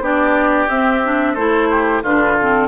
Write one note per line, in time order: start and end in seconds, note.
0.00 0.67 B3
0.00 0.69 D4
0.00 1.34 G4
0.00 0.69 D5
0.69 1.36 C4
0.69 1.03 C4
0.69 1.35 E5
1.04 1.37 D4
1.34 2.02 A3
1.34 2.04 E4
1.34 1.67 A4
1.34 2.02 C5
1.71 2.03 G4
2.02 2.67 D3
2.02 2.38 D4
2.02 2.67 F4
2.02 2.35 B4
2.35 2.67 C4
2.35 2.67 A4